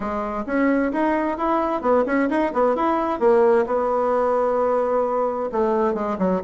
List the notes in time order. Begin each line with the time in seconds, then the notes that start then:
0.00 G#3
0.46 C#4
0.92 D#4
1.37 E4
1.81 B3
2.06 C#4
2.29 D#4
2.53 B3
2.75 E4
3.19 A#3
3.66 B3
5.52 A3
5.94 G#3
6.18 F#3